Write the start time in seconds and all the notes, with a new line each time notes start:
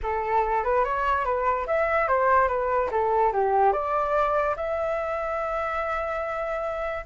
0.02 A4
0.64 B4
0.84 C#5
1.25 B4
1.66 E5
2.08 C5
2.48 B4
2.91 A4
3.32 G4
3.72 D5
4.56 E5